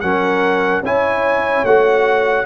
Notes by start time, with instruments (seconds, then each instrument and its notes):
0.00 tuba F#3, trombone C#4, horn A#4, trumpet F#5
0.82 tuba C#4, trombone E4, horn C#5, trumpet G#5
1.64 tuba A3, trombone F#4, trumpet F#5